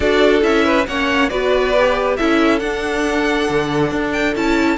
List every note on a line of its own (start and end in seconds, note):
0.00 0.43 D4
0.00 0.41 F#4
0.00 0.64 A4
0.00 0.41 D5
0.41 0.86 C#4
0.41 0.84 E4
0.41 0.86 E5
0.64 0.86 B4
0.87 1.30 A#3
0.87 1.30 C#4
0.87 1.30 C#5
0.87 1.29 F#5
1.29 2.18 B3
1.29 1.73 F#4
1.29 2.17 B4
1.29 2.16 D5
1.78 2.18 G4
2.16 2.61 C#4
2.16 2.59 E4
2.16 4.77 A4
2.16 2.59 E5
2.59 4.33 D4
2.59 3.48 D4
2.59 4.11 F#5
3.48 3.91 D3
3.91 4.35 D4
4.12 4.34 G5
4.35 4.77 C#4
4.35 4.77 E4
4.35 4.77 A5